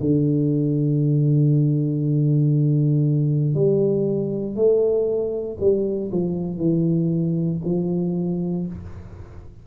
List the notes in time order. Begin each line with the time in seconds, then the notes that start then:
0.00 D3
3.54 G3
4.55 A3
5.60 G3
6.12 F3
6.57 E3
7.65 F3